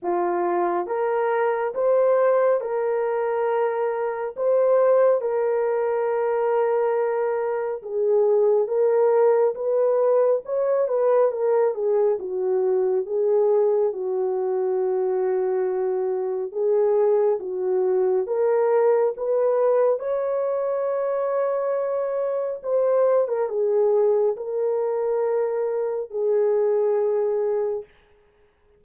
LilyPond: \new Staff \with { instrumentName = "horn" } { \time 4/4 \tempo 4 = 69 f'4 ais'4 c''4 ais'4~ | ais'4 c''4 ais'2~ | ais'4 gis'4 ais'4 b'4 | cis''8 b'8 ais'8 gis'8 fis'4 gis'4 |
fis'2. gis'4 | fis'4 ais'4 b'4 cis''4~ | cis''2 c''8. ais'16 gis'4 | ais'2 gis'2 | }